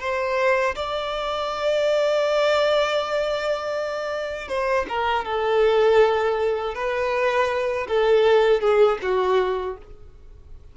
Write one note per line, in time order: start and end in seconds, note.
0.00 0.75 C5
0.75 4.48 D5
4.48 4.86 C5
4.89 5.25 A#4
5.25 6.74 A4
6.74 7.87 B4
7.88 8.61 A4
8.61 8.98 G#4
9.02 9.77 F#4